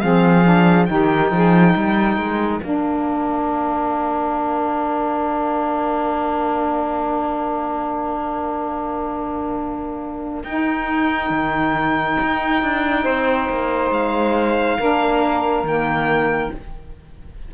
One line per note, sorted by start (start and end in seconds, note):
0.00 0.89 F3
0.00 0.44 C4
0.00 0.87 G#4
0.00 0.86 F5
0.44 0.86 D4
0.86 1.31 D#3
0.86 2.60 D#4
0.86 1.33 G4
0.86 2.60 G5
1.31 1.74 F3
1.31 1.74 G#4
1.74 2.17 G3
1.74 13.04 A#4
2.17 2.60 G#3
2.60 10.44 A#3
2.60 10.44 D4
2.60 10.42 F5
10.44 11.30 D#4
10.44 14.79 D#4
10.44 13.92 G5
11.30 12.17 D#3
12.21 12.62 D#4
12.62 13.05 D4
13.04 13.49 C4
13.04 14.78 C5
13.49 13.90 A#3
13.90 14.77 G#3
13.90 15.66 F5
14.79 15.63 A#3
14.79 15.65 D4
14.79 16.53 A#4
15.63 16.50 D#3
15.63 16.52 A#3
15.63 16.53 G5